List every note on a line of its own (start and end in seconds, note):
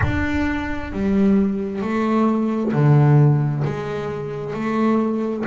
0.02 0.92 D4
0.92 1.81 G3
1.81 2.72 A3
2.72 3.63 D3
3.64 4.53 G#3
4.53 5.44 A3